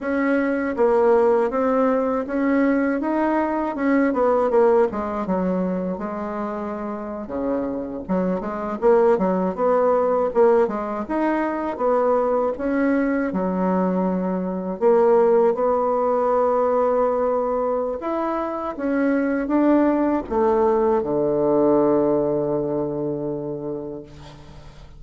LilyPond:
\new Staff \with { instrumentName = "bassoon" } { \time 4/4 \tempo 4 = 80 cis'4 ais4 c'4 cis'4 | dis'4 cis'8 b8 ais8 gis8 fis4 | gis4.~ gis16 cis4 fis8 gis8 ais16~ | ais16 fis8 b4 ais8 gis8 dis'4 b16~ |
b8. cis'4 fis2 ais16~ | ais8. b2.~ b16 | e'4 cis'4 d'4 a4 | d1 | }